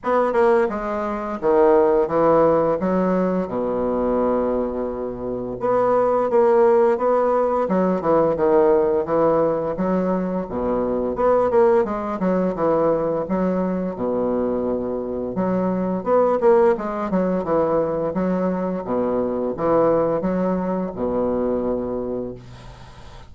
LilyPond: \new Staff \with { instrumentName = "bassoon" } { \time 4/4 \tempo 4 = 86 b8 ais8 gis4 dis4 e4 | fis4 b,2. | b4 ais4 b4 fis8 e8 | dis4 e4 fis4 b,4 |
b8 ais8 gis8 fis8 e4 fis4 | b,2 fis4 b8 ais8 | gis8 fis8 e4 fis4 b,4 | e4 fis4 b,2 | }